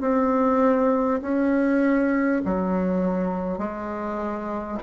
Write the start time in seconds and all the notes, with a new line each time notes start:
0.00 C4
1.21 C#4
2.44 F#3
3.58 G#3